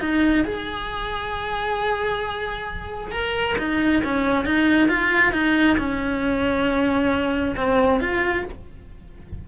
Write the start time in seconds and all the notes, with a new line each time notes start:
0.00 D#4
0.45 G#4
3.11 A#4
3.58 D#4
4.04 C#4
4.45 D#4
4.88 F4
5.32 D#4
5.78 C#4
7.57 C4
8.00 F4